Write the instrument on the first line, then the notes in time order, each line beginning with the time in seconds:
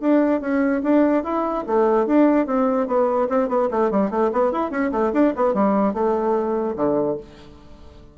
bassoon
0.00 D4
0.40 C#4
0.83 D4
1.23 E4
1.66 A3
2.06 D4
2.46 C4
2.87 B3
3.29 C4
3.48 B3
3.70 A3
3.90 G3
4.10 A3
4.32 B3
4.52 E4
4.70 C#4
4.91 A3
5.13 D4
5.36 B3
5.54 G3
5.93 A3
6.76 D3